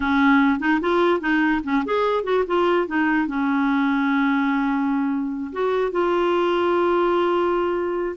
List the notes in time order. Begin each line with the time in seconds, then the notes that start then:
0.00 C#4
0.59 D#4
0.80 F4
1.20 D#4
1.63 C#4
1.85 G#4
2.23 F#4
2.46 F4
2.87 D#4
3.27 C#4
5.52 F#4
5.91 F4